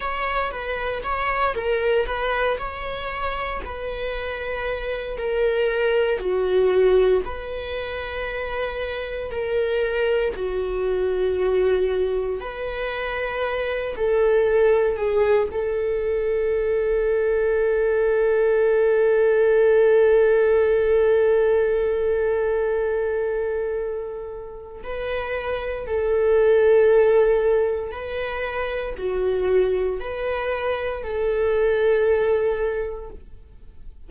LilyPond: \new Staff \with { instrumentName = "viola" } { \time 4/4 \tempo 4 = 58 cis''8 b'8 cis''8 ais'8 b'8 cis''4 b'8~ | b'4 ais'4 fis'4 b'4~ | b'4 ais'4 fis'2 | b'4. a'4 gis'8 a'4~ |
a'1~ | a'1 | b'4 a'2 b'4 | fis'4 b'4 a'2 | }